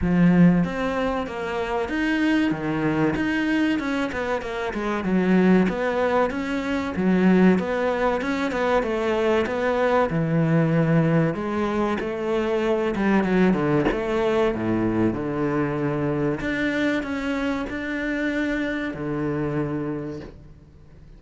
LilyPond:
\new Staff \with { instrumentName = "cello" } { \time 4/4 \tempo 4 = 95 f4 c'4 ais4 dis'4 | dis4 dis'4 cis'8 b8 ais8 gis8 | fis4 b4 cis'4 fis4 | b4 cis'8 b8 a4 b4 |
e2 gis4 a4~ | a8 g8 fis8 d8 a4 a,4 | d2 d'4 cis'4 | d'2 d2 | }